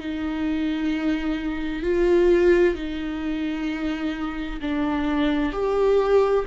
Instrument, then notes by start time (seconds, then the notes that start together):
viola
0.00 D#4
1.83 F4
2.75 D#4
4.62 D4
5.53 G4